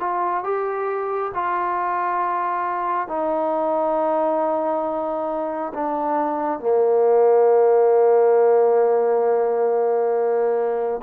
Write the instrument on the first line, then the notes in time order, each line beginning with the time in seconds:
trombone
0.00 F4
0.44 G4
1.35 F4
3.08 D#4
5.74 D4
6.60 A#3